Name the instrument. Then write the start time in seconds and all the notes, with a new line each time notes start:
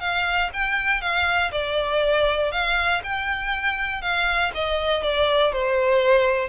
violin
0.00 F5
0.53 G5
1.01 F5
1.52 D5
2.52 F5
3.04 G5
4.02 F5
4.55 D#5
5.03 D5
5.52 C5